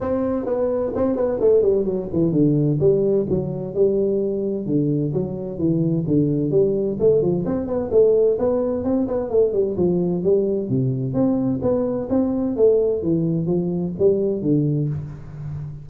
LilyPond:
\new Staff \with { instrumentName = "tuba" } { \time 4/4 \tempo 4 = 129 c'4 b4 c'8 b8 a8 g8 | fis8 e8 d4 g4 fis4 | g2 d4 fis4 | e4 d4 g4 a8 f8 |
c'8 b8 a4 b4 c'8 b8 | a8 g8 f4 g4 c4 | c'4 b4 c'4 a4 | e4 f4 g4 d4 | }